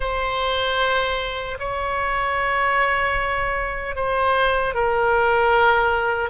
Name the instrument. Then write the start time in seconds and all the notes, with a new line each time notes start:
oboe
0.00 C5
1.59 C#5
3.95 C5
4.74 A#4